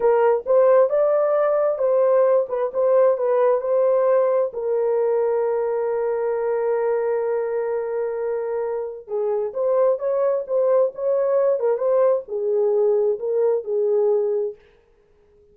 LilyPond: \new Staff \with { instrumentName = "horn" } { \time 4/4 \tempo 4 = 132 ais'4 c''4 d''2 | c''4. b'8 c''4 b'4 | c''2 ais'2~ | ais'1~ |
ais'1 | gis'4 c''4 cis''4 c''4 | cis''4. ais'8 c''4 gis'4~ | gis'4 ais'4 gis'2 | }